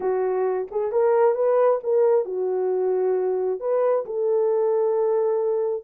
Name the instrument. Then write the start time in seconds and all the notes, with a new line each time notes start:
horn
0.00 F#4
0.71 G#4
0.91 A#4
1.34 B4
1.83 A#4
2.25 F#4
3.59 B4
4.05 A4